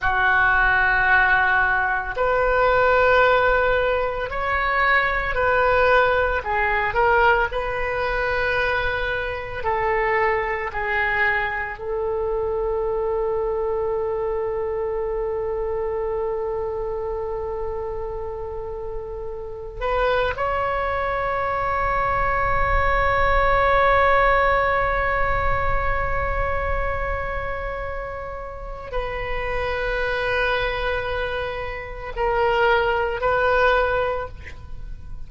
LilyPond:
\new Staff \with { instrumentName = "oboe" } { \time 4/4 \tempo 4 = 56 fis'2 b'2 | cis''4 b'4 gis'8 ais'8 b'4~ | b'4 a'4 gis'4 a'4~ | a'1~ |
a'2~ a'8 b'8 cis''4~ | cis''1~ | cis''2. b'4~ | b'2 ais'4 b'4 | }